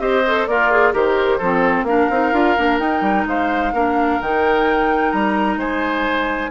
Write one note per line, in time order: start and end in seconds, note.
0.00 0.47 C4
0.00 0.23 G4
0.00 0.49 C5
0.00 0.47 D#5
0.27 0.50 A4
0.47 0.94 A#3
0.47 0.94 F4
0.47 0.72 A#4
0.47 0.94 D5
0.72 0.94 G#4
0.94 1.40 D#3
0.94 1.40 G4
0.94 1.38 A#4
0.94 1.85 C5
1.38 1.83 F3
1.38 1.88 C4
1.38 1.85 A4
1.83 2.06 A#3
1.83 2.11 D4
1.83 3.28 A#4
1.83 2.78 F5
2.11 2.33 C4
2.11 2.34 D#4
2.33 2.56 D4
2.33 2.57 F4
2.58 2.80 A#3
2.58 2.80 D4
2.79 3.02 D#4
2.79 3.73 D#4
2.79 3.26 G5
3.02 3.25 G3
3.27 3.73 G#3
3.27 3.74 C5
3.27 4.22 F5
3.73 4.20 A#3
3.73 4.22 D4
3.73 5.59 A#4
4.21 5.13 D#3
4.21 6.51 D#4
4.21 5.12 G5
5.12 5.57 G3
5.12 5.59 A#5
5.57 6.50 G#3
5.57 6.51 C5
5.57 6.51 G#5